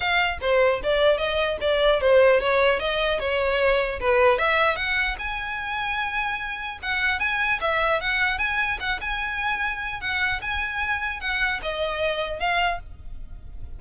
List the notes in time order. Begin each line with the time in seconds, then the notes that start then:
0.00 F5
0.41 C5
0.83 D5
1.17 D#5
1.60 D5
2.01 C5
2.40 C#5
2.79 D#5
3.19 C#5
4.00 B4
4.38 E5
4.76 F#5
5.19 G#5
6.82 F#5
7.19 G#5
7.60 E5
8.01 F#5
8.38 G#5
8.79 F#5
9.01 G#5
10.01 F#5
10.41 G#5
11.20 F#5
11.62 D#5
12.39 F5